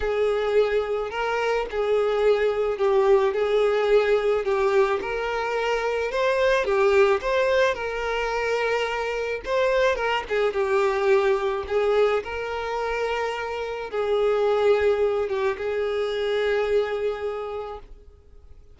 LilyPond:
\new Staff \with { instrumentName = "violin" } { \time 4/4 \tempo 4 = 108 gis'2 ais'4 gis'4~ | gis'4 g'4 gis'2 | g'4 ais'2 c''4 | g'4 c''4 ais'2~ |
ais'4 c''4 ais'8 gis'8 g'4~ | g'4 gis'4 ais'2~ | ais'4 gis'2~ gis'8 g'8 | gis'1 | }